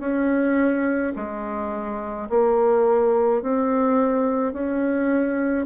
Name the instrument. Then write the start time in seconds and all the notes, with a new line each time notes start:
bassoon
0.00 C#4
1.16 G#3
2.30 A#3
3.42 C4
4.53 C#4